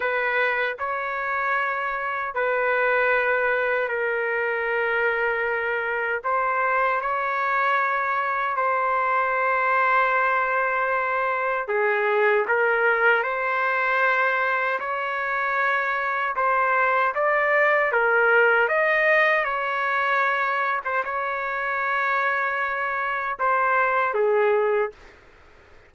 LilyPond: \new Staff \with { instrumentName = "trumpet" } { \time 4/4 \tempo 4 = 77 b'4 cis''2 b'4~ | b'4 ais'2. | c''4 cis''2 c''4~ | c''2. gis'4 |
ais'4 c''2 cis''4~ | cis''4 c''4 d''4 ais'4 | dis''4 cis''4.~ cis''16 c''16 cis''4~ | cis''2 c''4 gis'4 | }